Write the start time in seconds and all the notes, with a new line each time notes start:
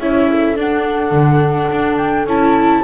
0.00 C#4 E4 C#5 E5
0.30 A4
0.56 D4 F#5
1.11 D3
1.71 D4
1.97 G5
2.26 C#4 E4 A5